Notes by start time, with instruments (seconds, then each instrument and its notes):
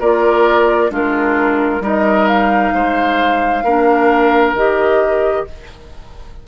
0.00 bassoon A#3, clarinet F4, oboe A#4, flute D5
0.90 bassoon G#3, clarinet D4, oboe F4, flute A#4
1.81 bassoon G3, clarinet D#4, oboe A#4
1.87 flute D#5
2.28 flute F5
2.74 bassoon G#3, oboe C5
3.64 bassoon A#3, clarinet D4, oboe A#4
4.54 bassoon D#3, clarinet G4, flute D#5